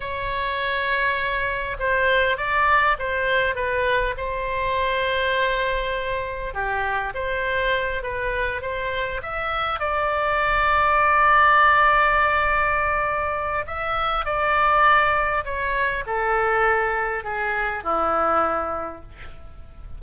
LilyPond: \new Staff \with { instrumentName = "oboe" } { \time 4/4 \tempo 4 = 101 cis''2. c''4 | d''4 c''4 b'4 c''4~ | c''2. g'4 | c''4. b'4 c''4 e''8~ |
e''8 d''2.~ d''8~ | d''2. e''4 | d''2 cis''4 a'4~ | a'4 gis'4 e'2 | }